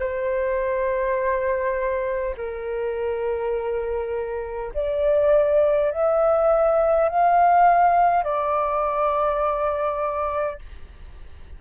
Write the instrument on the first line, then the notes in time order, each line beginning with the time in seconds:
flute
0.00 C5
2.37 A#4
4.74 D5
5.91 E5
7.10 F5
8.24 D5